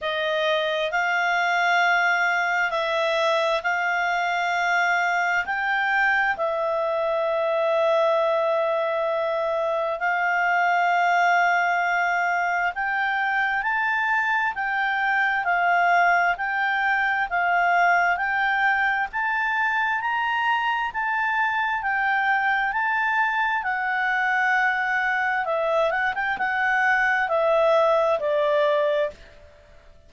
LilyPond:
\new Staff \with { instrumentName = "clarinet" } { \time 4/4 \tempo 4 = 66 dis''4 f''2 e''4 | f''2 g''4 e''4~ | e''2. f''4~ | f''2 g''4 a''4 |
g''4 f''4 g''4 f''4 | g''4 a''4 ais''4 a''4 | g''4 a''4 fis''2 | e''8 fis''16 g''16 fis''4 e''4 d''4 | }